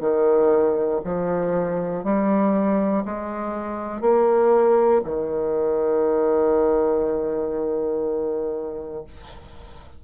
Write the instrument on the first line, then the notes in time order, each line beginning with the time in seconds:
bassoon
0.00 D#3
1.04 F3
2.04 G3
3.05 G#3
4.01 A#3
5.04 D#3